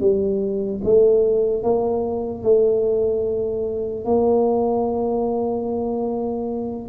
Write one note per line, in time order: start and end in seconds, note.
0.00 0.81 G3
0.84 1.63 A3
1.63 2.43 A#3
2.43 4.05 A3
4.05 6.89 A#3